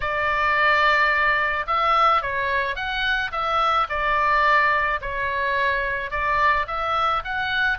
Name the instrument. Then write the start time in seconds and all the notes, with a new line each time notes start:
oboe
0.00 D5
1.66 E5
2.22 C#5
2.75 F#5
3.31 E5
3.89 D5
5.01 C#5
6.10 D5
6.67 E5
7.24 F#5